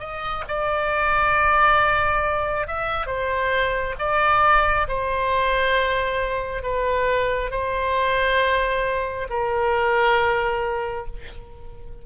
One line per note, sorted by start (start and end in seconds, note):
0.00 0.44 D#5
0.48 2.68 D5
2.68 3.07 E5
3.07 3.95 C5
3.99 4.87 D5
4.89 6.63 C5
6.63 7.51 B4
7.51 9.28 C5
9.30 11.07 A#4